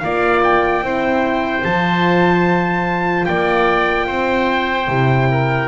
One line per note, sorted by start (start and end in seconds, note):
0.00 0.83 A#3
0.00 0.83 F4
0.00 0.85 D5
0.00 0.41 F5
0.44 1.65 G5
0.83 1.64 C4
0.83 1.64 E4
0.83 3.28 C5
1.65 3.27 F3
1.65 4.89 F4
1.65 3.26 A5
3.26 4.08 A#3
3.26 4.07 D5
3.26 5.69 G5
4.07 4.88 C4
4.07 5.29 C5
4.88 5.69 C3
4.88 5.69 E4
5.31 5.69 A#4